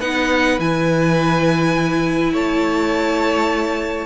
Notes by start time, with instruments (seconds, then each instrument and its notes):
0.00 cello B3, viola D#4, violin B4 F#5
0.59 cello E3, viola E4, violin G#5
2.33 cello A3, violin C#5 A5